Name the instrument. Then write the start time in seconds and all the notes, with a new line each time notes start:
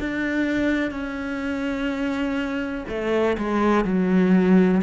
cello
0.00 D4
0.91 C#4
2.89 A3
3.38 G#3
3.85 F#3